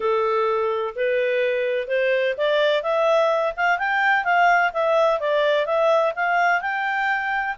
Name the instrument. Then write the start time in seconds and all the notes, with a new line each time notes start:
clarinet
0.00 A4
0.95 B4
1.87 C5
2.37 D5
2.82 E5
3.56 F5
3.78 G5
4.24 F5
4.73 E5
5.20 D5
5.66 E5
6.15 F5
6.61 G5